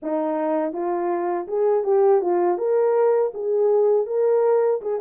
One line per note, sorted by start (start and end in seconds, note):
0.02 0.72 D#4
0.72 1.46 F4
1.47 1.84 G#4
1.84 2.21 G4
2.21 2.58 F4
2.58 3.32 A#4
3.33 4.06 G#4
4.06 4.80 A#4
4.81 5.00 G#4